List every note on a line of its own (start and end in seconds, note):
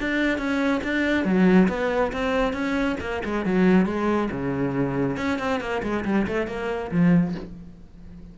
0.00 0.38 D4
0.38 0.81 C#4
0.84 1.25 D4
1.25 1.68 F#3
1.69 2.12 B3
2.13 2.53 C4
2.53 2.97 C#4
3.01 3.22 A#3
3.25 3.45 G#3
3.45 3.86 F#3
3.86 4.29 G#3
4.31 5.17 C#3
5.17 5.39 C#4
5.39 5.60 C4
5.60 5.82 A#3
5.83 6.05 G#3
6.05 6.27 G3
6.27 6.47 A3
6.47 6.91 A#3
6.91 7.35 F3